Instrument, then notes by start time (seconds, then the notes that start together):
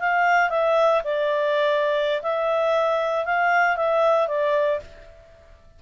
clarinet
0.00 F5
0.50 E5
1.04 D5
2.23 E5
3.25 F5
3.76 E5
4.28 D5